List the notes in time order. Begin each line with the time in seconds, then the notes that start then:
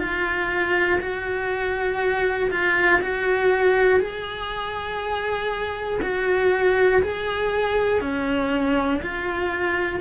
0.00 F4
1.01 F#4
2.51 F4
3.02 F#4
4.00 G#4
6.03 F#4
7.03 G#4
8.01 C#4
9.03 F4